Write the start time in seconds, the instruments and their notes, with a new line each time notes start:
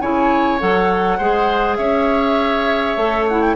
0.00 bassoon C#3, clarinet E4, oboe C#5, flute G#5
0.60 bassoon F#3, clarinet A4, flute F#5
1.18 bassoon G#3, clarinet G#4, oboe C5
1.75 bassoon C#4, oboe C#5, flute E5
2.97 bassoon A3, clarinet A4
3.28 clarinet E4, flute F#5
3.41 flute G5